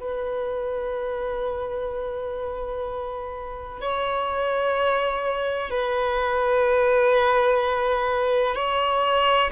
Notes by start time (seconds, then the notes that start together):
0.00 B4
3.81 C#5
5.71 B4
8.55 C#5